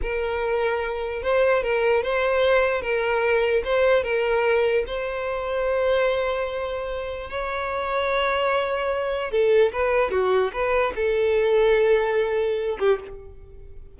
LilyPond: \new Staff \with { instrumentName = "violin" } { \time 4/4 \tempo 4 = 148 ais'2. c''4 | ais'4 c''2 ais'4~ | ais'4 c''4 ais'2 | c''1~ |
c''2 cis''2~ | cis''2. a'4 | b'4 fis'4 b'4 a'4~ | a'2.~ a'8 g'8 | }